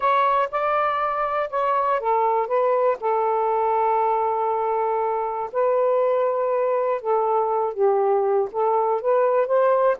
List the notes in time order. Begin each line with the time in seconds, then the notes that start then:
0.00 C#5
0.51 D5
1.50 C#5
2.00 A4
2.47 B4
3.00 A4
5.52 B4
7.01 A4
7.73 G4
8.51 A4
9.01 B4
9.46 C5